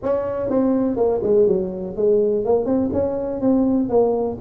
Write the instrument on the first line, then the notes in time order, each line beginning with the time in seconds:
tuba
0.02 C#4
0.49 C4
0.96 A#3
1.22 G#3
1.47 F#3
1.96 G#3
2.44 A#3
2.65 C4
2.93 C#4
3.40 C4
3.89 A#3